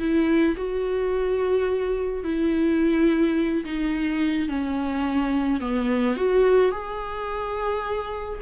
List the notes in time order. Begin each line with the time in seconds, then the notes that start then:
0.00 E4
0.57 F#4
2.24 E4
3.66 D#4
4.49 C#4
5.61 B3
6.17 F#4
6.72 G#4